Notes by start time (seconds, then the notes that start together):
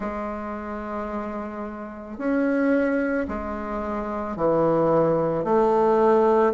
0.00 G#3
2.18 C#4
3.27 G#3
4.36 E3
5.44 A3